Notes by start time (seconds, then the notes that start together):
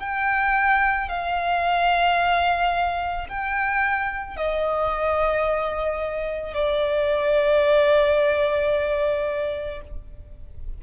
0.00 G5
1.09 F5
3.29 G5
4.37 D#5
6.54 D5